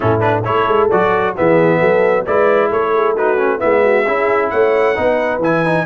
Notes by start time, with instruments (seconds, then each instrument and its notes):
0.00 tuba A2, trombone C#4, horn E4, trumpet A4
0.20 trombone D4, trumpet B4
0.44 tuba A3, trombone E4, horn A4, trumpet C#5
0.67 tuba G#3
0.90 tuba F#3, trombone F#4, trumpet D5
1.35 tuba E3, trombone B3, horn G#4, trumpet E5
1.79 tuba F#3, horn A4
2.26 tuba G#3, trombone E4, horn B4, trumpet D5
2.69 tuba A3, horn A4, trumpet C#5
2.94 horn G#4
3.14 trombone D#4, horn F#4, trumpet B4
3.37 trombone C#4
3.58 tuba G#3, trombone B3, horn E4, trumpet E5
3.83 horn F#4
4.06 tuba C#4, trombone E4, horn G#4
4.50 tuba A3, horn C#5, trumpet F#5
4.95 tuba B3, trombone D#4, horn B4
5.38 tuba E3, trombone E4, trumpet G#5
5.65 trombone D#4